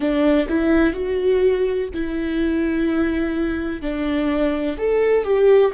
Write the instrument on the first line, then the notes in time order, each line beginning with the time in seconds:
viola
0.00 D4
0.48 E4
0.93 F#4
1.94 E4
3.81 D4
4.77 A4
5.23 G4